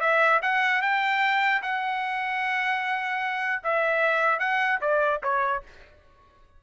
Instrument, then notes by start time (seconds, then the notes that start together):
trumpet
0.00 E5
0.42 F#5
0.82 G5
1.62 F#5
3.63 E5
4.39 F#5
4.81 D5
5.23 C#5